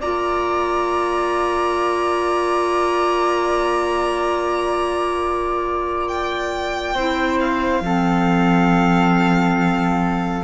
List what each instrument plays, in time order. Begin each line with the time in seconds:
0.00 cello A#3, clarinet F4, flute D5, violin A#5
6.08 violin G5
6.94 cello C4, clarinet E4, flute C5
7.40 violin F5
7.81 cello F3, clarinet C4, flute A4